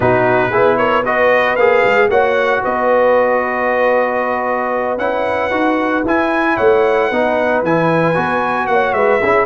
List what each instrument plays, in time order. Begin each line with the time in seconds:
0.00 tuba B2, trombone D#4, horn F#4, trumpet B4
0.50 tuba B3, trombone E4, horn G#4
0.77 horn A#4, trumpet C#5
1.05 trombone F#4, horn B4, trumpet D#5
1.56 tuba A#3, trombone G#4, trumpet F5
1.84 tuba G#3
2.09 tuba A#3, trombone F#4, horn C#5, trumpet F#5
2.62 tuba B3, horn B4, trumpet D#5
4.97 tuba C#4, trombone E4, trumpet F#5
5.50 tuba D#4, trombone F#4
6.04 tuba E4, trombone E4, trumpet G#5
6.55 tuba A3, horn C#5, trumpet F#5
7.08 tuba B3, trombone D#4, horn B4
7.62 tuba E3, trombone E4, trumpet G#5
8.14 tuba B3, trombone F#4
8.66 tuba A#3, horn C#5, trumpet F#5
8.93 tuba G#3, horn B4, trumpet E5
9.21 tuba C#4, trombone E4, horn G#4